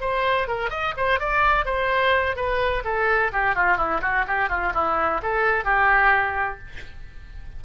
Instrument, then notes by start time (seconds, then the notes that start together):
oboe
0.00 C5
0.47 A#4
0.70 D#5
0.96 C5
1.19 D5
1.65 C5
2.36 B4
2.84 A4
3.32 G4
3.55 F4
3.77 E4
4.01 F#4
4.27 G4
4.49 F4
4.74 E4
5.22 A4
5.64 G4